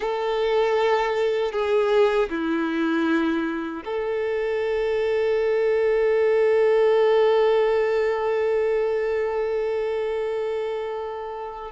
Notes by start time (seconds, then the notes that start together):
0.00 A4
1.52 G#4
2.29 E4
3.84 A4